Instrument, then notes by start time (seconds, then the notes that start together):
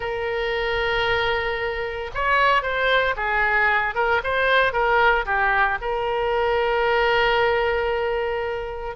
oboe
0.00 A#4
2.14 C#5
2.62 C5
3.16 G#4
3.94 A#4
4.23 C5
4.72 A#4
5.25 G4
5.81 A#4